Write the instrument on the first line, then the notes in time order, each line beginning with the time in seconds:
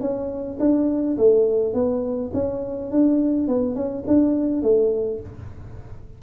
tuba
0.00 C#4
0.59 D4
1.17 A3
1.73 B3
2.33 C#4
2.91 D4
3.47 B3
3.75 C#4
4.07 D4
4.62 A3